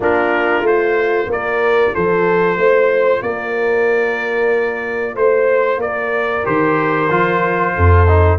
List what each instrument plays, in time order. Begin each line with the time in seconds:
0.00 tuba A#3, trombone D4, horn F4, trumpet A#4
0.61 tuba A3, trombone F4, trumpet C5
1.26 tuba A#3, horn A#4, trumpet D5
1.93 tuba F3, horn A4, trumpet C5
2.56 tuba A3, horn C5
3.22 tuba A#3, horn A#4, trumpet D5
5.14 tuba A3, horn C5, trumpet C5
5.77 tuba A#3, trumpet D5
5.83 horn A#4
6.44 tuba D#3, trombone G4, trumpet C5
7.09 tuba F3, trombone F4
7.75 tuba F2, horn A4
8.07 trombone D#4